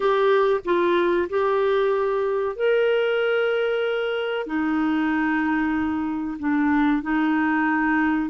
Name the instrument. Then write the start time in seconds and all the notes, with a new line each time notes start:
clarinet
0.00 G4
0.64 F4
1.29 G4
2.56 A#4
4.46 D#4
6.39 D4
7.02 D#4